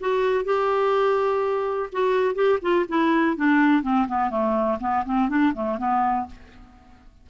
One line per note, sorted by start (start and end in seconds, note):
0.00 0.44 F#4
0.44 1.90 G4
1.92 2.35 F#4
2.35 2.59 G4
2.62 2.85 F4
2.88 3.37 E4
3.37 3.82 D4
3.82 4.07 C4
4.08 4.30 B3
4.30 4.78 A3
4.80 5.04 B3
5.05 5.29 C4
5.29 5.53 D4
5.54 5.78 A3
5.78 6.26 B3